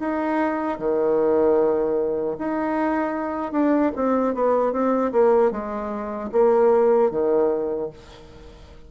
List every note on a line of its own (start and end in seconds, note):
0.00 0.79 D#4
0.79 2.37 D#3
2.39 3.52 D#4
3.52 3.92 D4
3.96 4.35 C4
4.35 4.73 B3
4.73 5.12 C4
5.12 5.52 A#3
5.52 6.31 G#3
6.32 7.11 A#3
7.11 7.90 D#3